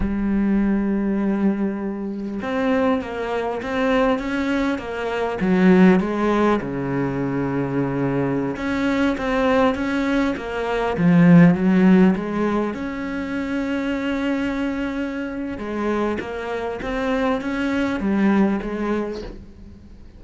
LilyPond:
\new Staff \with { instrumentName = "cello" } { \time 4/4 \tempo 4 = 100 g1 | c'4 ais4 c'4 cis'4 | ais4 fis4 gis4 cis4~ | cis2~ cis16 cis'4 c'8.~ |
c'16 cis'4 ais4 f4 fis8.~ | fis16 gis4 cis'2~ cis'8.~ | cis'2 gis4 ais4 | c'4 cis'4 g4 gis4 | }